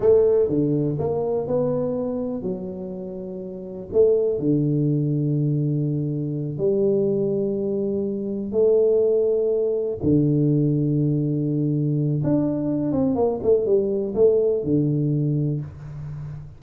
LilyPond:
\new Staff \with { instrumentName = "tuba" } { \time 4/4 \tempo 4 = 123 a4 d4 ais4 b4~ | b4 fis2. | a4 d2.~ | d4. g2~ g8~ |
g4. a2~ a8~ | a8 d2.~ d8~ | d4 d'4. c'8 ais8 a8 | g4 a4 d2 | }